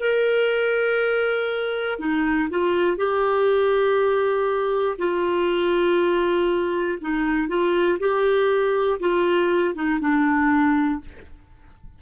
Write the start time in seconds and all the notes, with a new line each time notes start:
0.00 A#4
1.99 D#4
2.50 F4
2.97 G4
4.99 F4
7.01 D#4
7.48 F4
8.00 G4
9.00 F4
9.75 D#4
10.00 D4